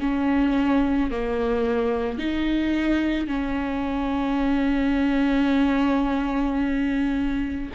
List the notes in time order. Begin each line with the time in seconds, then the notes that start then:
0.00 C#4
1.11 A#3
2.18 D#4
3.27 C#4